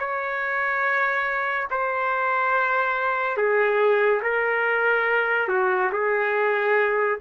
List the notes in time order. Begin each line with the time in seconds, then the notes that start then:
0.00 C#5
1.71 C5
3.38 G#4
4.23 A#4
5.49 F#4
5.93 G#4